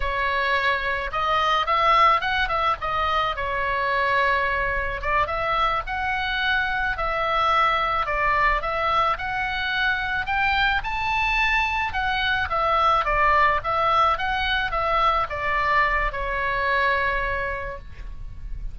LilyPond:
\new Staff \with { instrumentName = "oboe" } { \time 4/4 \tempo 4 = 108 cis''2 dis''4 e''4 | fis''8 e''8 dis''4 cis''2~ | cis''4 d''8 e''4 fis''4.~ | fis''8 e''2 d''4 e''8~ |
e''8 fis''2 g''4 a''8~ | a''4. fis''4 e''4 d''8~ | d''8 e''4 fis''4 e''4 d''8~ | d''4 cis''2. | }